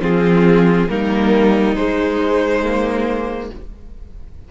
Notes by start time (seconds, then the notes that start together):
0.00 F3 C4 F4 G#4
0.89 G3 A#3 D#4 A#4
1.74 G#3 C5
2.64 A#3